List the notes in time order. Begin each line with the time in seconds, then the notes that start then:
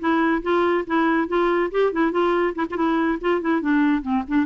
0.00 E4
0.43 F4
0.87 E4
1.28 F4
1.72 G4
1.93 E4
2.12 F4
2.56 E4
2.71 F4
2.77 E4
3.21 F4
3.42 E4
3.62 D4
4.02 C4
4.28 D4